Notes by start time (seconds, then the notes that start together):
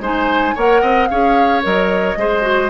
0.00 G#3 D#4 C5 G#5
0.55 A#3 A#4 C#5 F#5
0.82 C4 D#5
1.08 C#4 G#4 C#5 F5
1.62 F#3 A#4 D#5
2.17 G#3 G#4 C5
2.42 F#4